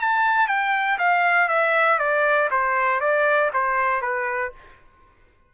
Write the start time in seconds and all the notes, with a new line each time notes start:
0.00 A5
0.48 G5
0.98 F5
1.49 E5
1.99 D5
2.51 C5
3.00 D5
3.53 C5
4.02 B4